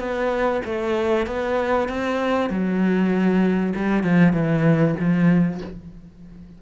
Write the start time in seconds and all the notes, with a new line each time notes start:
0.00 B3
0.66 A3
1.27 B3
1.89 C4
2.50 F#3
3.76 G3
4.04 F3
4.34 E3
5.00 F3